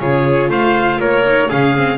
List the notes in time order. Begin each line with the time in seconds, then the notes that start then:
0.00 C#3 F4 G#4 C#5
0.49 A3 C5 F5
1.00 A#3 A#4 C#5
1.25 D#4
1.49 C#3 C#4 G#4 F5
1.77 C4